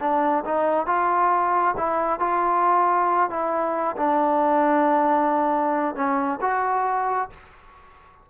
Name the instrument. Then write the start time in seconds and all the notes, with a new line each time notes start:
trombone
0.00 D4
0.45 D#4
0.86 F4
1.77 E4
2.20 F4
3.30 E4
3.97 D4
5.95 C#4
6.41 F#4